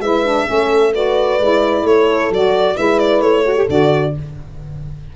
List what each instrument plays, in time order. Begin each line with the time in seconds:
0.00 tuba G#3, saxophone E4, horn B4, violin E5
0.26 saxophone D4
0.47 tuba A3, saxophone C#4, horn A4
0.94 saxophone F#4, horn B4, violin D5
1.40 tuba G#3, saxophone E4
1.84 tuba A3, horn A4, violin C#5
2.31 tuba F#3, saxophone F#4, violin D5
2.76 tuba G#3, saxophone E4, horn B4, violin E5
2.99 violin D5
3.21 tuba A3, violin C#5
3.46 saxophone F#4, horn A4
3.56 saxophone G4
3.68 tuba D3, saxophone F#4, violin D5